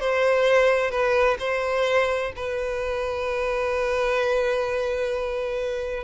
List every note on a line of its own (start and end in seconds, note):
0.00 0.90 C5
0.90 1.37 B4
1.39 2.32 C5
2.36 6.03 B4